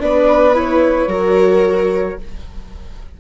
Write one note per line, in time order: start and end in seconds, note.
0.00 1.07 B3
0.00 0.54 D4
0.00 1.09 B4
0.00 0.56 D5
0.54 1.09 E4
0.54 2.20 C#5
1.07 2.16 F#3
1.07 2.18 F#4
1.07 2.18 A#4